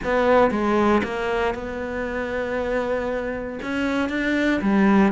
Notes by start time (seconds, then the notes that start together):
0.03 B3
0.50 G#3
1.03 A#3
1.54 B3
3.62 C#4
4.09 D4
4.61 G3